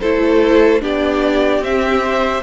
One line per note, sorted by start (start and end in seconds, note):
0.00 0.82 A3
0.00 0.80 E4
0.00 0.81 A4
0.00 0.81 C5
0.80 1.60 B3
0.80 1.61 D4
0.80 2.43 G4
0.80 1.64 D5
1.60 2.41 C4
1.60 2.02 C4
1.60 2.43 E5
2.02 2.43 C5